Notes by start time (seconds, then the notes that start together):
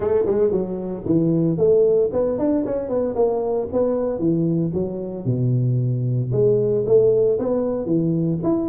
0.00 A3
0.26 G#3
0.51 F#3
1.05 E3
1.57 A3
2.12 B3
2.38 D4
2.65 C#4
2.88 B3
3.15 A#3
3.72 B3
4.18 E3
4.73 F#3
5.25 B2
6.32 G#3
6.85 A3
7.38 B3
7.85 E3
8.43 E4